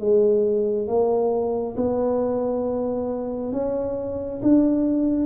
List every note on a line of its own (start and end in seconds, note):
0.00 0.87 G#3
0.87 1.76 A#3
1.76 3.53 B3
3.53 4.41 C#4
4.42 5.26 D4